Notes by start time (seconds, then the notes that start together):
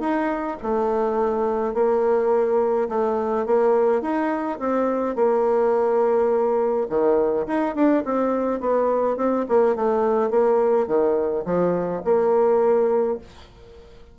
0.00 D#4
0.62 A3
1.74 A#3
2.89 A3
3.46 A#3
4.01 D#4
4.59 C4
5.16 A#3
6.89 D#3
7.47 D#4
7.75 D4
8.05 C4
8.60 B3
9.17 C4
9.48 A#3
9.75 A3
10.30 A#3
10.87 D#3
11.45 F3
12.04 A#3